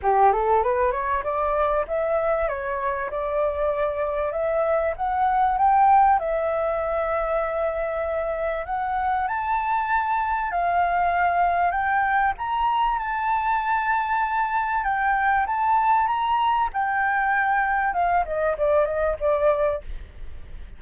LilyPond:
\new Staff \with { instrumentName = "flute" } { \time 4/4 \tempo 4 = 97 g'8 a'8 b'8 cis''8 d''4 e''4 | cis''4 d''2 e''4 | fis''4 g''4 e''2~ | e''2 fis''4 a''4~ |
a''4 f''2 g''4 | ais''4 a''2. | g''4 a''4 ais''4 g''4~ | g''4 f''8 dis''8 d''8 dis''8 d''4 | }